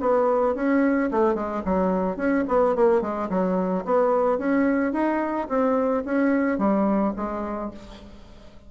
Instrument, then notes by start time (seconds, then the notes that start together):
bassoon
0.00 B3
0.55 C#4
1.11 A3
1.34 G#3
1.65 F#3
2.16 C#4
2.47 B3
2.75 A#3
3.01 G#3
3.29 F#3
3.85 B3
4.38 C#4
4.92 D#4
5.48 C4
6.05 C#4
6.58 G3
7.16 G#3